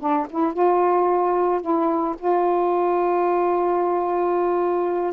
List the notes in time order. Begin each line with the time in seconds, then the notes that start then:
0.00 D4
0.30 E4
0.54 F4
1.62 E4
2.19 F4